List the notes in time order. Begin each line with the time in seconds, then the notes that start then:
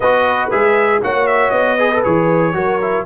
0.00 B3 F#4 B4 D#5
0.51 G#3 G#4 E5
1.02 A#3 F#4 C#5 F#5
1.26 E5
1.50 B3 D#5
1.76 G#4 B4
1.91 A4
2.03 E3 G#4 C#5
2.53 F#3 F#4 A#4
2.81 E4